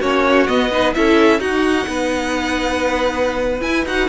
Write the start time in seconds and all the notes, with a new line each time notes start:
0.00 A#3 C#4 F#4 C#5
0.47 B3 D#5
0.71 D#4 B4
0.94 C#4 E4 A4 E5
1.40 D#4 F#4 F#5
1.87 B3 B4
3.60 E4 G#5
3.85 D#4 F#4 F#5